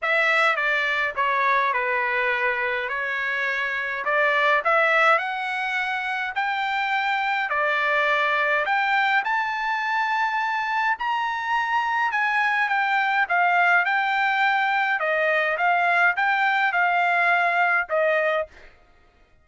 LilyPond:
\new Staff \with { instrumentName = "trumpet" } { \time 4/4 \tempo 4 = 104 e''4 d''4 cis''4 b'4~ | b'4 cis''2 d''4 | e''4 fis''2 g''4~ | g''4 d''2 g''4 |
a''2. ais''4~ | ais''4 gis''4 g''4 f''4 | g''2 dis''4 f''4 | g''4 f''2 dis''4 | }